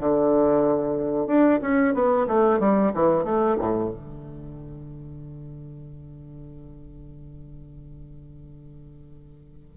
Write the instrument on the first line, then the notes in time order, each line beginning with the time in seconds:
bassoon
0.00 D3
1.27 D4
1.62 C#4
1.94 B3
2.27 A3
2.59 G3
2.94 E3
3.24 A3
3.59 A2
3.90 D3